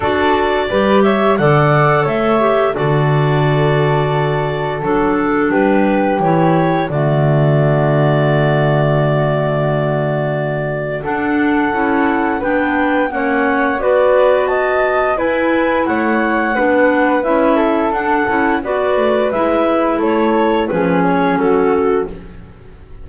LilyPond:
<<
  \new Staff \with { instrumentName = "clarinet" } { \time 4/4 \tempo 4 = 87 d''4. e''8 fis''4 e''4 | d''2. a'4 | b'4 cis''4 d''2~ | d''1 |
fis''2 g''4 fis''4 | d''4 a''4 gis''4 fis''4~ | fis''4 e''4 fis''4 d''4 | e''4 cis''4 b'8 cis''8 a'4 | }
  \new Staff \with { instrumentName = "flute" } { \time 4/4 a'4 b'8 cis''8 d''4 cis''4 | a'1 | g'2 fis'2~ | fis'1 |
a'2 b'4 cis''4 | b'4 dis''4 b'4 cis''4 | b'4. a'4. b'4~ | b'4 a'4 gis'4 fis'4 | }
  \new Staff \with { instrumentName = "clarinet" } { \time 4/4 fis'4 g'4 a'4. g'8 | fis'2. d'4~ | d'4 e'4 a2~ | a1 |
d'4 e'4 d'4 cis'4 | fis'2 e'2 | d'4 e'4 d'8 e'8 fis'4 | e'2 cis'2 | }
  \new Staff \with { instrumentName = "double bass" } { \time 4/4 d'4 g4 d4 a4 | d2. fis4 | g4 e4 d2~ | d1 |
d'4 cis'4 b4 ais4 | b2 e'4 a4 | b4 cis'4 d'8 cis'8 b8 a8 | gis4 a4 f4 fis4 | }
>>